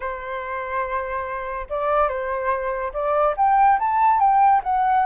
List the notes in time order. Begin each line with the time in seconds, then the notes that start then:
0.00 C5
1.69 D5
2.08 C5
2.93 D5
3.36 G5
3.79 A5
4.19 G5
4.63 F#5